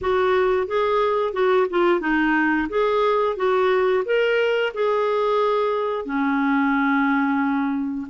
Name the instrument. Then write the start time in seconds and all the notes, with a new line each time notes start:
clarinet
0.01 F#4
0.67 G#4
1.33 F#4
1.70 F4
2.00 D#4
2.69 G#4
3.36 F#4
4.05 A#4
4.73 G#4
6.05 C#4